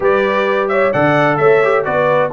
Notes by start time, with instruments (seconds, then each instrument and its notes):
0.00 tuba G3, trombone G4, horn B4, trumpet D5
0.68 horn C#5, trumpet E5
0.91 tuba D3, trombone A4, horn D5, trumpet F#5
1.37 tuba A3, horn C#5, trumpet E5
1.63 trombone G4
1.84 tuba B3, trombone F#4, horn B4, trumpet D5